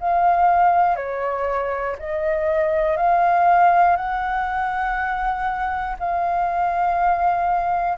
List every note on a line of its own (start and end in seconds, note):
0.00 0.95 F5
0.95 1.95 C#5
1.98 2.97 D#5
2.97 3.96 F5
3.96 5.96 F#5
5.99 7.98 F5